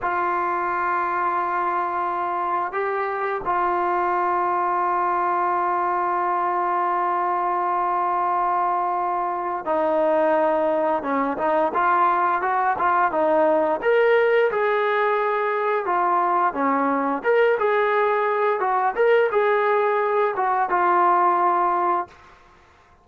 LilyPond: \new Staff \with { instrumentName = "trombone" } { \time 4/4 \tempo 4 = 87 f'1 | g'4 f'2.~ | f'1~ | f'2 dis'2 |
cis'8 dis'8 f'4 fis'8 f'8 dis'4 | ais'4 gis'2 f'4 | cis'4 ais'8 gis'4. fis'8 ais'8 | gis'4. fis'8 f'2 | }